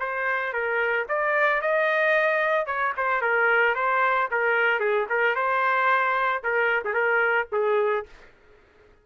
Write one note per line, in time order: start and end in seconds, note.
0.00 0.53 C5
0.53 1.07 A#4
1.09 1.62 D5
1.62 2.66 D#5
2.66 2.93 C#5
2.98 3.22 C5
3.22 3.75 A#4
3.75 4.29 C5
4.31 4.80 A#4
4.80 5.07 G#4
5.10 5.36 A#4
5.36 6.43 C5
6.44 6.84 A#4
6.85 6.94 G#4
6.94 7.48 A#4
7.53 8.06 G#4